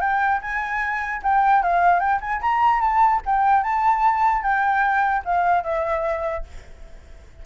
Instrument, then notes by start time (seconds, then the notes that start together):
flute
0.00 G5
0.41 G#5
1.22 G5
1.62 F5
1.99 G5
2.20 G#5
2.41 A#5
2.80 A5
3.25 G5
3.63 A5
4.42 G5
5.25 F5
5.63 E5